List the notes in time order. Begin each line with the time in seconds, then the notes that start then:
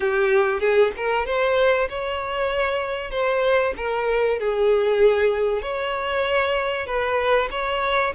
0.00 G4
0.60 G#4
0.96 A#4
1.26 C5
1.89 C#5
3.11 C5
3.77 A#4
4.39 G#4
5.62 C#5
6.86 B4
7.51 C#5